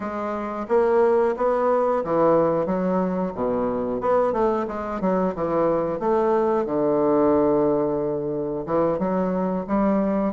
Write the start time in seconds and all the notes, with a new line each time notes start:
0.00 G#3
0.68 A#3
1.36 B3
2.04 E3
2.65 F#3
3.34 B2
4.00 B3
4.32 A3
4.67 G#3
5.01 F#3
5.35 E3
5.99 A3
6.65 D3
8.66 E3
8.98 F#3
9.67 G3